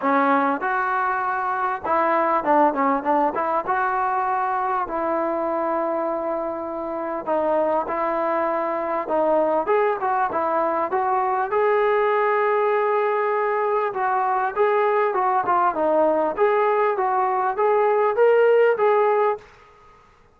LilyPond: \new Staff \with { instrumentName = "trombone" } { \time 4/4 \tempo 4 = 99 cis'4 fis'2 e'4 | d'8 cis'8 d'8 e'8 fis'2 | e'1 | dis'4 e'2 dis'4 |
gis'8 fis'8 e'4 fis'4 gis'4~ | gis'2. fis'4 | gis'4 fis'8 f'8 dis'4 gis'4 | fis'4 gis'4 ais'4 gis'4 | }